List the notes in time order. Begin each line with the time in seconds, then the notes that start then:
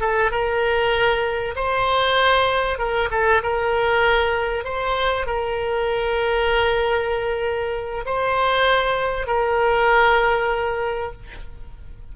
0.00 A4
0.31 A#4
1.55 C5
2.78 A#4
3.11 A4
3.42 A#4
4.64 C5
5.26 A#4
8.05 C5
9.26 A#4